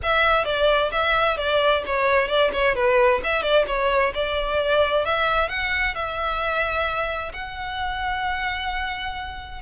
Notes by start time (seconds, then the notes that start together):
0.02 E5
0.45 D5
0.91 E5
1.37 D5
1.85 C#5
2.28 D5
2.53 C#5
2.75 B4
3.23 E5
3.42 D5
3.67 C#5
4.14 D5
5.05 E5
5.49 F#5
5.94 E5
7.33 F#5